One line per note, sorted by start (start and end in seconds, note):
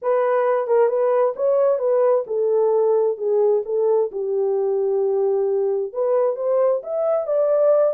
0.01 0.67 B4
0.67 0.88 A#4
0.88 1.34 B4
1.36 1.79 C#5
1.79 2.24 B4
2.26 3.17 A4
3.17 3.63 G#4
3.65 4.10 A4
4.11 5.93 G4
5.93 6.36 B4
6.36 6.81 C5
6.83 7.26 E5
7.26 7.94 D5